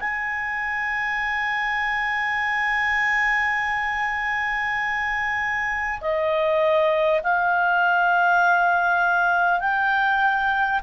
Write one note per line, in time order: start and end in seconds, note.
0.00 6.00 G#5
6.01 7.21 D#5
7.23 9.59 F5
9.59 10.79 G5